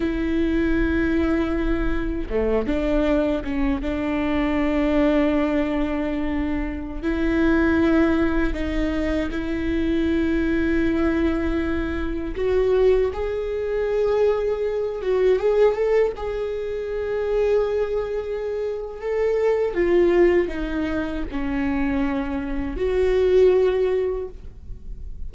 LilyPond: \new Staff \with { instrumentName = "viola" } { \time 4/4 \tempo 4 = 79 e'2. a8 d'8~ | d'8 cis'8 d'2.~ | d'4~ d'16 e'2 dis'8.~ | dis'16 e'2.~ e'8.~ |
e'16 fis'4 gis'2~ gis'8 fis'16~ | fis'16 gis'8 a'8 gis'2~ gis'8.~ | gis'4 a'4 f'4 dis'4 | cis'2 fis'2 | }